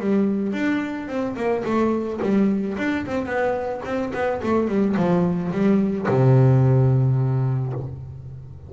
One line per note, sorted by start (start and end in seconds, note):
0.00 0.53 G3
0.53 1.08 D4
1.08 1.35 C4
1.36 1.64 A#3
1.65 2.20 A3
2.22 2.77 G3
2.78 3.06 D4
3.06 3.26 C4
3.26 3.81 B3
3.85 4.12 C4
4.14 4.42 B3
4.42 4.68 A3
4.68 4.96 G3
4.96 5.51 F3
5.52 6.07 G3
6.08 7.73 C3